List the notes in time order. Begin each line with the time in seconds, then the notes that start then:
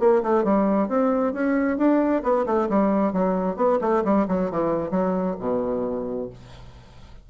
0.00 A#3
0.23 A3
0.44 G3
0.89 C4
1.34 C#4
1.78 D4
2.24 B3
2.46 A3
2.69 G3
3.13 F#3
3.57 B3
3.82 A3
4.05 G3
4.29 F#3
4.51 E3
4.91 F#3
5.40 B2